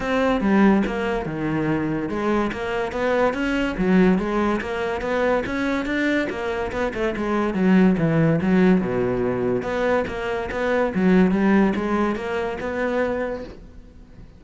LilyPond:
\new Staff \with { instrumentName = "cello" } { \time 4/4 \tempo 4 = 143 c'4 g4 ais4 dis4~ | dis4 gis4 ais4 b4 | cis'4 fis4 gis4 ais4 | b4 cis'4 d'4 ais4 |
b8 a8 gis4 fis4 e4 | fis4 b,2 b4 | ais4 b4 fis4 g4 | gis4 ais4 b2 | }